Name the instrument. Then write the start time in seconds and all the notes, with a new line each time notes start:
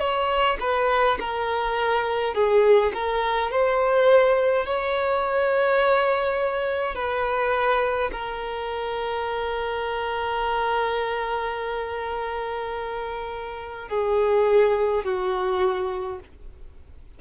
violin
0.00 C#5
0.61 B4
1.20 A#4
2.35 G#4
2.94 A#4
3.51 C5
4.66 C#5
6.95 B4
8.12 A#4
13.89 G#4
15.05 F#4